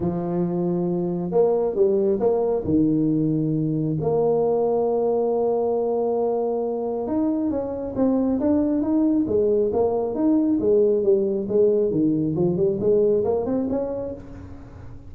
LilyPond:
\new Staff \with { instrumentName = "tuba" } { \time 4/4 \tempo 4 = 136 f2. ais4 | g4 ais4 dis2~ | dis4 ais2.~ | ais1 |
dis'4 cis'4 c'4 d'4 | dis'4 gis4 ais4 dis'4 | gis4 g4 gis4 dis4 | f8 g8 gis4 ais8 c'8 cis'4 | }